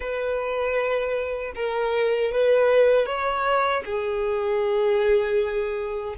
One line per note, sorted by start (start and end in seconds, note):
0.00 1.52 B4
1.55 2.31 A#4
2.31 3.06 B4
3.06 3.83 C#5
3.85 6.15 G#4